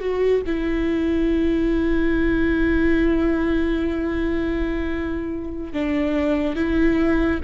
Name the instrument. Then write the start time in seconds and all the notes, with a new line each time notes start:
viola
0.00 F#4
0.47 E4
5.73 D4
6.56 E4